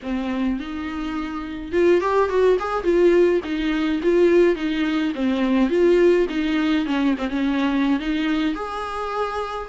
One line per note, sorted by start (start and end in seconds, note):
0.02 0.59 C4
0.59 1.72 D#4
1.72 2.00 F4
2.00 2.29 G4
2.29 2.57 F#4
2.59 2.83 G#4
2.83 3.41 F4
3.44 4.01 D#4
4.02 4.55 F4
4.55 5.12 D#4
5.14 5.69 C4
5.69 6.26 F4
6.29 6.86 D#4
6.86 7.14 C#4
7.18 7.29 C4
7.29 7.99 C#4
7.99 8.54 D#4
8.54 9.69 G#4